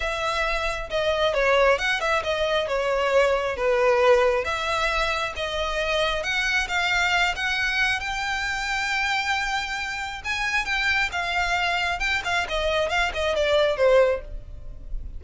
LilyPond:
\new Staff \with { instrumentName = "violin" } { \time 4/4 \tempo 4 = 135 e''2 dis''4 cis''4 | fis''8 e''8 dis''4 cis''2 | b'2 e''2 | dis''2 fis''4 f''4~ |
f''8 fis''4. g''2~ | g''2. gis''4 | g''4 f''2 g''8 f''8 | dis''4 f''8 dis''8 d''4 c''4 | }